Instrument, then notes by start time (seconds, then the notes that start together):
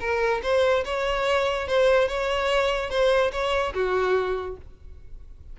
violin
0.00 A#4
0.43 C5
0.85 C#5
1.68 C5
2.08 C#5
2.90 C5
3.32 C#5
3.74 F#4